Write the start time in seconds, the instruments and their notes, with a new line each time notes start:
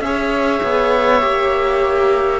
0.00 cello C#4, viola G#4, violin C#5, oboe E5
0.63 cello B3
1.21 cello A#3, viola G4